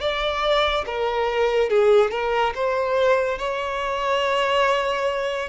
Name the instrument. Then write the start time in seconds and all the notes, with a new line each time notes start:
violin
0.00 D5
0.86 A#4
1.69 G#4
2.10 A#4
2.54 C5
3.38 C#5